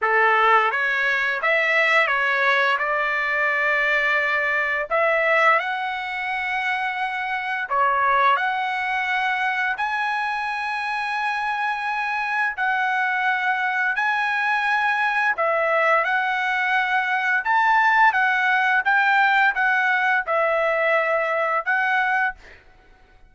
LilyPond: \new Staff \with { instrumentName = "trumpet" } { \time 4/4 \tempo 4 = 86 a'4 cis''4 e''4 cis''4 | d''2. e''4 | fis''2. cis''4 | fis''2 gis''2~ |
gis''2 fis''2 | gis''2 e''4 fis''4~ | fis''4 a''4 fis''4 g''4 | fis''4 e''2 fis''4 | }